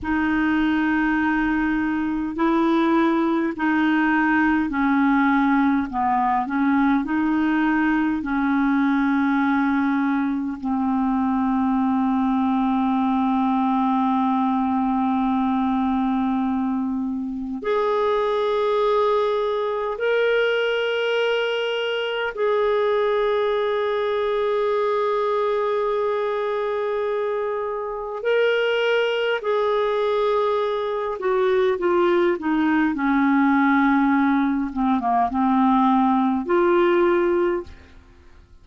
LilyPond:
\new Staff \with { instrumentName = "clarinet" } { \time 4/4 \tempo 4 = 51 dis'2 e'4 dis'4 | cis'4 b8 cis'8 dis'4 cis'4~ | cis'4 c'2.~ | c'2. gis'4~ |
gis'4 ais'2 gis'4~ | gis'1 | ais'4 gis'4. fis'8 f'8 dis'8 | cis'4. c'16 ais16 c'4 f'4 | }